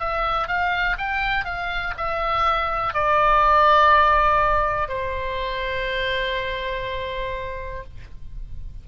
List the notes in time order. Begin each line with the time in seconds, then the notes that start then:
0.00 E5
0.48 F5
0.98 G5
1.45 F5
1.98 E5
2.94 D5
4.89 C5